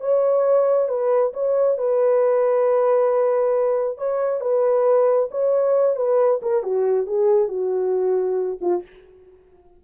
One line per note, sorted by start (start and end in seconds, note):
0.00 0.88 C#5
0.88 1.33 B4
1.33 1.77 C#5
1.78 3.98 B4
3.98 4.41 C#5
4.41 5.29 B4
5.31 5.96 C#5
5.96 6.40 B4
6.42 6.63 A#4
6.63 7.06 F#4
7.06 7.48 G#4
7.48 8.58 F#4
8.61 8.83 F4